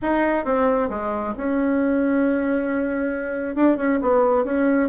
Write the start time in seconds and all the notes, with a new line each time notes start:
0.02 D#4
0.44 C4
0.89 G#3
1.37 C#4
3.55 D4
3.76 C#4
4.01 B3
4.44 C#4